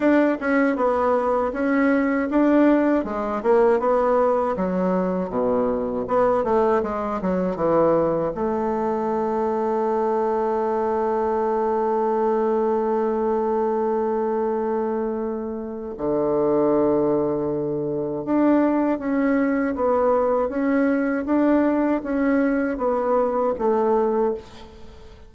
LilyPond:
\new Staff \with { instrumentName = "bassoon" } { \time 4/4 \tempo 4 = 79 d'8 cis'8 b4 cis'4 d'4 | gis8 ais8 b4 fis4 b,4 | b8 a8 gis8 fis8 e4 a4~ | a1~ |
a1~ | a4 d2. | d'4 cis'4 b4 cis'4 | d'4 cis'4 b4 a4 | }